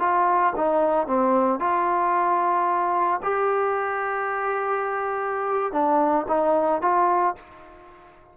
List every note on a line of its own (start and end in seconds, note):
0.00 0.54 F4
0.56 1.07 D#4
1.07 1.60 C4
1.60 3.20 F4
3.23 5.72 G4
5.72 6.26 D4
6.28 6.82 D#4
6.82 7.35 F4